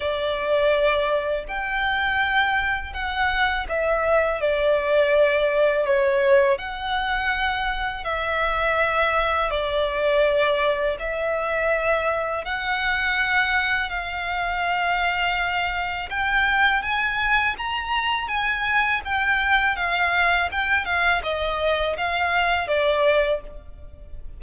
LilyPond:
\new Staff \with { instrumentName = "violin" } { \time 4/4 \tempo 4 = 82 d''2 g''2 | fis''4 e''4 d''2 | cis''4 fis''2 e''4~ | e''4 d''2 e''4~ |
e''4 fis''2 f''4~ | f''2 g''4 gis''4 | ais''4 gis''4 g''4 f''4 | g''8 f''8 dis''4 f''4 d''4 | }